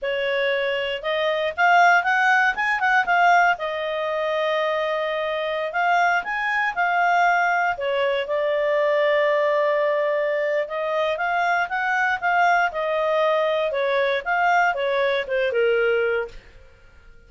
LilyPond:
\new Staff \with { instrumentName = "clarinet" } { \time 4/4 \tempo 4 = 118 cis''2 dis''4 f''4 | fis''4 gis''8 fis''8 f''4 dis''4~ | dis''2.~ dis''16 f''8.~ | f''16 gis''4 f''2 cis''8.~ |
cis''16 d''2.~ d''8.~ | d''4 dis''4 f''4 fis''4 | f''4 dis''2 cis''4 | f''4 cis''4 c''8 ais'4. | }